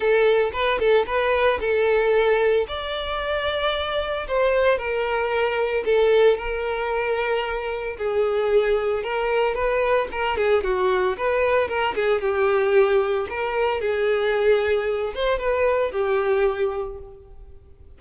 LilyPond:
\new Staff \with { instrumentName = "violin" } { \time 4/4 \tempo 4 = 113 a'4 b'8 a'8 b'4 a'4~ | a'4 d''2. | c''4 ais'2 a'4 | ais'2. gis'4~ |
gis'4 ais'4 b'4 ais'8 gis'8 | fis'4 b'4 ais'8 gis'8 g'4~ | g'4 ais'4 gis'2~ | gis'8 c''8 b'4 g'2 | }